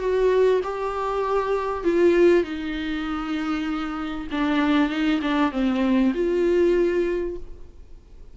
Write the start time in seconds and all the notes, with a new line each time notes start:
0.00 F#4
0.64 G4
1.85 F4
2.44 D#4
4.32 D4
4.90 D#4
5.22 D4
5.52 C4
6.15 F4